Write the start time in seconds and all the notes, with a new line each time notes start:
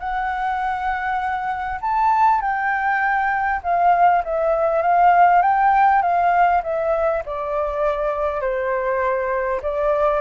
0.00 F#5
1.81 A5
2.41 G5
3.64 F5
4.24 E5
4.82 F5
5.42 G5
6.02 F5
6.63 E5
7.26 D5
8.41 C5
9.63 D5